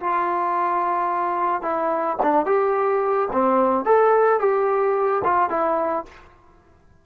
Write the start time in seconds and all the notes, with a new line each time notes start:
0.00 F4
1.61 E4
2.22 D4
2.45 G4
3.32 C4
3.85 A4
4.40 G4
5.24 F4
5.49 E4